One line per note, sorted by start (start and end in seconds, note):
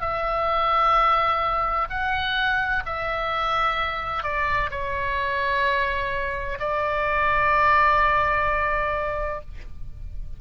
0.00 1.87 E5
1.89 2.83 F#5
2.86 4.23 E5
4.23 4.70 D5
4.70 6.58 C#5
6.59 9.40 D5